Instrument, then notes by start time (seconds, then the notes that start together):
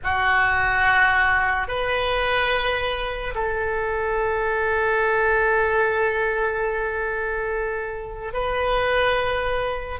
oboe
0.03 F#4
1.67 B4
3.34 A4
8.33 B4